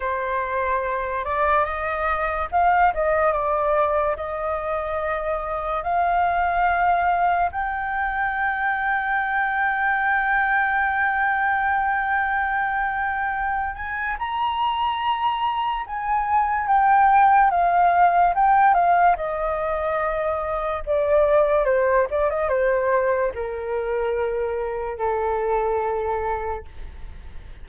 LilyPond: \new Staff \with { instrumentName = "flute" } { \time 4/4 \tempo 4 = 72 c''4. d''8 dis''4 f''8 dis''8 | d''4 dis''2 f''4~ | f''4 g''2.~ | g''1~ |
g''8 gis''8 ais''2 gis''4 | g''4 f''4 g''8 f''8 dis''4~ | dis''4 d''4 c''8 d''16 dis''16 c''4 | ais'2 a'2 | }